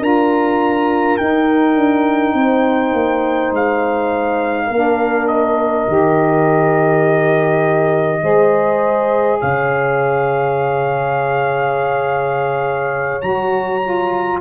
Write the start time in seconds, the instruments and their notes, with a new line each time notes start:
0.00 tuba D4, saxophone F4, horn A#4, trumpet A#5
1.18 saxophone D#4, tuba D#4, trumpet G5
1.76 tuba D4
2.34 tuba C4, horn C5
2.94 tuba A#3
3.52 tuba G#3, trumpet F5
4.67 tuba A#3, horn A#4
4.74 saxophone D4
5.28 trumpet D#5
5.88 tuba D#3, saxophone G4
8.22 tuba G#3, saxophone G#4, horn C5
9.41 tuba C#3, horn C#5, trumpet F5
13.22 tuba F#3, saxophone F#4, trumpet A#5
13.84 saxophone F4